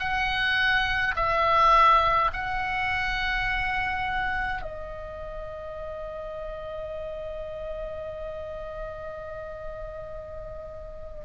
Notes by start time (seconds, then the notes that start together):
0.00 F#5
1.16 E5
2.33 F#5
4.62 D#5